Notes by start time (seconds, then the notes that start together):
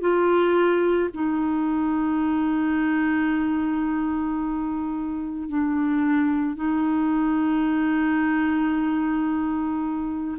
0.00 F4
1.13 D#4
5.48 D4
6.56 D#4